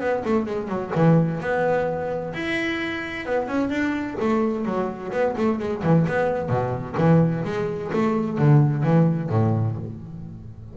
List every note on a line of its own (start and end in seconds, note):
0.00 0.23 B3
0.25 0.46 A3
0.46 0.68 G#3
0.68 0.91 F#3
0.95 1.40 E3
1.40 2.33 B3
2.34 3.26 E4
3.26 3.48 B3
3.48 3.70 C#4
3.70 4.16 D4
4.20 4.65 A3
4.65 5.12 F#3
5.12 5.35 B3
5.37 5.59 A3
5.59 5.83 G#3
5.83 6.06 E3
6.08 6.49 B3
6.49 6.96 B2
6.98 7.44 E3
7.44 7.91 G#3
7.93 8.38 A3
8.38 8.83 D3
8.83 9.30 E3
9.30 9.76 A2